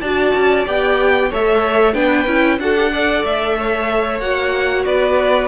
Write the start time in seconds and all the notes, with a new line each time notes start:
0.00 D4 F#4 D5 A5
0.34 C#4
0.65 B3 G4 G5
1.30 A3 A4 C#5 E5
1.93 B3 D4 B4 G5
2.26 C#4 E4
2.59 D4 F#4 A4 F#5
2.76 G4
2.92 A4 D5
3.24 A3 E5
3.58 C#5
4.20 A#3 F#4 F#5
4.85 B3 B4 D5